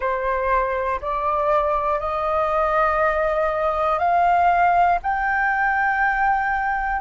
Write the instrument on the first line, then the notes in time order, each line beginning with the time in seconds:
flute
0.00 C5
1.01 D5
1.99 D#5
3.99 F5
5.02 G5